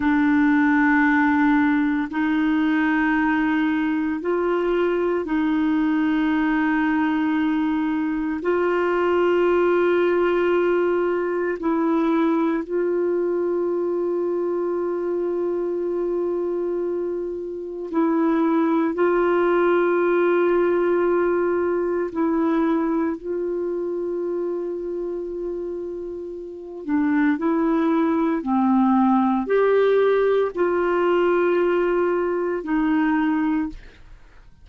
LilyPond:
\new Staff \with { instrumentName = "clarinet" } { \time 4/4 \tempo 4 = 57 d'2 dis'2 | f'4 dis'2. | f'2. e'4 | f'1~ |
f'4 e'4 f'2~ | f'4 e'4 f'2~ | f'4. d'8 e'4 c'4 | g'4 f'2 dis'4 | }